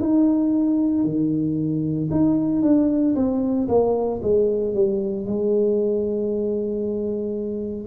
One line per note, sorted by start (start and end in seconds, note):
0.00 1.04 D#4
1.04 2.10 D#3
2.11 2.62 D#4
2.62 3.15 D4
3.15 3.68 C4
3.68 4.21 A#3
4.22 4.74 G#3
4.74 5.26 G3
5.26 7.87 G#3